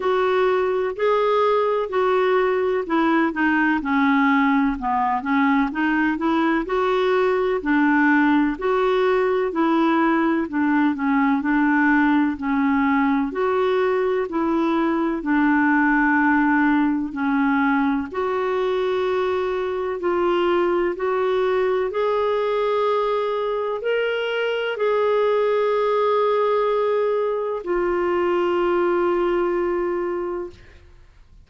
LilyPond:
\new Staff \with { instrumentName = "clarinet" } { \time 4/4 \tempo 4 = 63 fis'4 gis'4 fis'4 e'8 dis'8 | cis'4 b8 cis'8 dis'8 e'8 fis'4 | d'4 fis'4 e'4 d'8 cis'8 | d'4 cis'4 fis'4 e'4 |
d'2 cis'4 fis'4~ | fis'4 f'4 fis'4 gis'4~ | gis'4 ais'4 gis'2~ | gis'4 f'2. | }